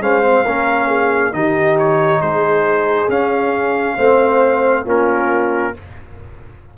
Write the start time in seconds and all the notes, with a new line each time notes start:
0.00 G#3 C#4 C5 F5
0.23 C4
0.45 A#3 C#4 A#4
0.88 G#4
1.32 D#3 D#4 G4 D#5
1.79 C#5
2.21 G#3 G#4 C5
3.09 C#4 F5
3.97 A3 C4 C5
4.85 A#3 C#4 F4 A#4